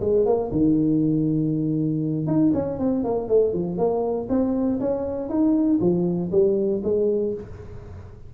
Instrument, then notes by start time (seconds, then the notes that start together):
tuba
0.00 G#3
0.25 A#3
0.51 D#3
2.26 D#4
2.53 C#4
2.78 C4
3.04 A#3
3.28 A3
3.53 F3
3.77 A#3
4.29 C4
4.80 C#4
5.29 D#4
5.80 F3
6.31 G3
6.83 G#3